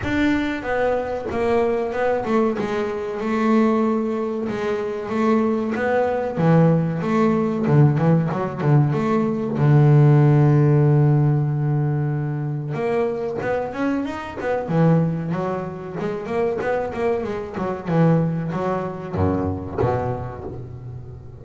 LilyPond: \new Staff \with { instrumentName = "double bass" } { \time 4/4 \tempo 4 = 94 d'4 b4 ais4 b8 a8 | gis4 a2 gis4 | a4 b4 e4 a4 | d8 e8 fis8 d8 a4 d4~ |
d1 | ais4 b8 cis'8 dis'8 b8 e4 | fis4 gis8 ais8 b8 ais8 gis8 fis8 | e4 fis4 fis,4 b,4 | }